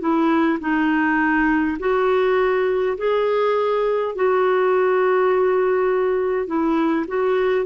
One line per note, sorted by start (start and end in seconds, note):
0.00 0.59 E4
0.60 1.78 D#4
1.80 2.97 F#4
2.98 4.16 G#4
4.16 6.47 F#4
6.47 7.06 E4
7.07 7.66 F#4